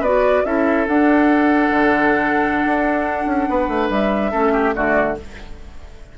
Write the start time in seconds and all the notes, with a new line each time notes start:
0.00 B3 F#4 B4 D5
0.44 C#4 E4 A4 E5
0.87 D4 F#5
1.70 D3
2.65 D4
3.26 C#4
3.49 B3 B4
3.68 A3
3.89 G3 E5
4.31 A3 C#4 A4
4.52 G4
4.73 D3 A3 F#4 D5